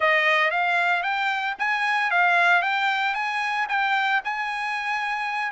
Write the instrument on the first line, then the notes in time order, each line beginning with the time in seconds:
trumpet
0.00 D#5
0.50 F5
1.02 G5
1.58 G#5
2.11 F5
2.61 G5
3.14 G#5
3.68 G5
4.24 G#5